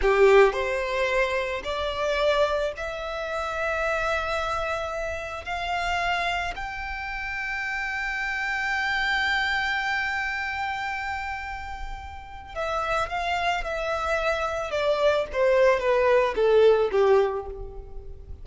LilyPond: \new Staff \with { instrumentName = "violin" } { \time 4/4 \tempo 4 = 110 g'4 c''2 d''4~ | d''4 e''2.~ | e''2 f''2 | g''1~ |
g''1~ | g''2. e''4 | f''4 e''2 d''4 | c''4 b'4 a'4 g'4 | }